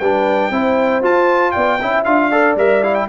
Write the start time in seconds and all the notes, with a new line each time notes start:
0.00 G3 D4 B4 G5
0.51 C4 E4 C5
1.02 F4 A5
1.52 B3 D5 G5
1.82 C#4 E4 E5
2.05 D4 F4 F5
2.31 A4 D5
2.57 G3 A#4 E5
2.84 E4 F5
2.95 G5